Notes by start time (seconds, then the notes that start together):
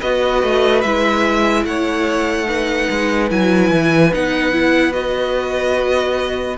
0.00 B3 F#4 B4 D#5
0.43 A3
0.82 G#3 E4 E5
1.65 A3 C#5 F#5
2.46 D#4 B4
2.90 G#3
3.29 F#3 E4 G#5
3.71 E3
4.14 B3 D#4 F#5
4.53 E4
4.92 F#4 D#5